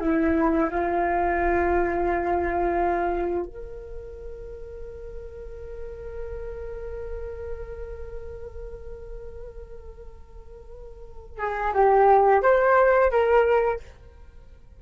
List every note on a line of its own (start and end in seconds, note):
0.00 0.69 E4
0.70 3.45 F4
3.45 11.38 A#4
11.38 11.72 G#4
11.74 12.42 G4
12.42 13.11 C5
13.11 13.80 A#4